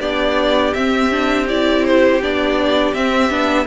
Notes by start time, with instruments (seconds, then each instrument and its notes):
0.00 cello B3, viola D4, violin G4 D5
0.73 cello C4, viola C4, violin E5
1.11 viola D4
1.48 viola E4, violin D5
1.85 violin C5
2.20 cello B3, viola D4, violin D5
2.93 cello C4, viola C4, violin E5
3.30 cello B3, viola D4